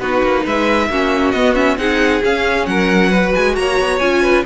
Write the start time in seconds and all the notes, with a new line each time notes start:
0.00 B3 D#4 F#4 B4
0.23 A#3
0.44 G#3 B4 E5
0.89 A#3 C#4 F#4
1.31 B3 D#5
1.55 C#4 E5
1.77 C4 D#4 G#4 F#5
2.23 C#4 F5
2.66 F#3 A#4 F#5
3.10 F#4 B4
3.34 G#3 G#5
3.56 A#3 C#5 A#5
3.80 B3
3.99 C#4 F4 G#5
4.22 B4